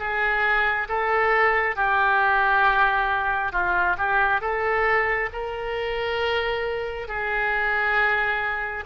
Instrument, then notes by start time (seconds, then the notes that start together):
oboe
0.00 G#4
0.89 A4
1.76 G4
3.53 F4
3.98 G4
4.42 A4
5.33 A#4
7.08 G#4